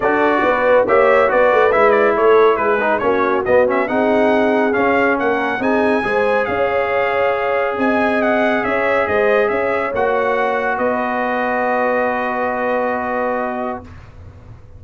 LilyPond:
<<
  \new Staff \with { instrumentName = "trumpet" } { \time 4/4 \tempo 4 = 139 d''2 e''4 d''4 | e''8 d''8 cis''4 b'4 cis''4 | dis''8 e''8 fis''2 f''4 | fis''4 gis''2 f''4~ |
f''2 gis''4 fis''4 | e''4 dis''4 e''4 fis''4~ | fis''4 dis''2.~ | dis''1 | }
  \new Staff \with { instrumentName = "horn" } { \time 4/4 a'4 b'4 cis''4 b'4~ | b'4 a'4 gis'4 fis'4~ | fis'4 gis'2. | ais'4 gis'4 c''4 cis''4~ |
cis''2 dis''2 | cis''4 c''4 cis''2~ | cis''4 b'2.~ | b'1 | }
  \new Staff \with { instrumentName = "trombone" } { \time 4/4 fis'2 g'4 fis'4 | e'2~ e'8 dis'8 cis'4 | b8 cis'8 dis'2 cis'4~ | cis'4 dis'4 gis'2~ |
gis'1~ | gis'2. fis'4~ | fis'1~ | fis'1 | }
  \new Staff \with { instrumentName = "tuba" } { \time 4/4 d'4 b4 ais4 b8 a8 | gis4 a4 gis4 ais4 | b4 c'2 cis'4 | ais4 c'4 gis4 cis'4~ |
cis'2 c'2 | cis'4 gis4 cis'4 ais4~ | ais4 b2.~ | b1 | }
>>